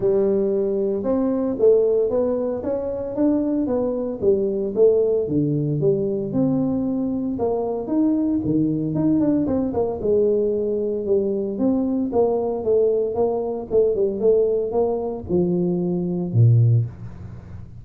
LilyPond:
\new Staff \with { instrumentName = "tuba" } { \time 4/4 \tempo 4 = 114 g2 c'4 a4 | b4 cis'4 d'4 b4 | g4 a4 d4 g4 | c'2 ais4 dis'4 |
dis4 dis'8 d'8 c'8 ais8 gis4~ | gis4 g4 c'4 ais4 | a4 ais4 a8 g8 a4 | ais4 f2 ais,4 | }